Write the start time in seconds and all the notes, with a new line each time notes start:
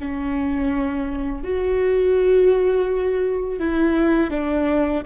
0.00 C#4
1.44 F#4
3.59 E4
4.30 D4